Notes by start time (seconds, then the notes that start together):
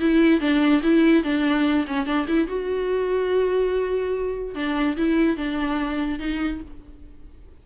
0.00 E4
0.40 D4
0.83 E4
1.23 D4
1.87 C#4
2.06 D4
2.28 E4
2.48 F#4
4.55 D4
4.97 E4
5.37 D4
6.19 D#4